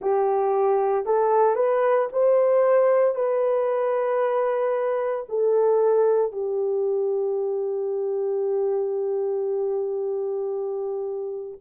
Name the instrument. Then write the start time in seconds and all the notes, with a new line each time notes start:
horn
0.01 G4
1.05 A4
1.55 B4
2.12 C5
3.15 B4
5.28 A4
6.32 G4